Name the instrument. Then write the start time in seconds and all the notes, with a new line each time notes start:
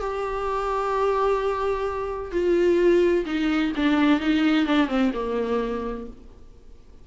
viola
0.00 G4
2.32 F4
3.26 D#4
3.76 D4
4.20 D#4
4.66 D4
4.88 C4
5.14 A#3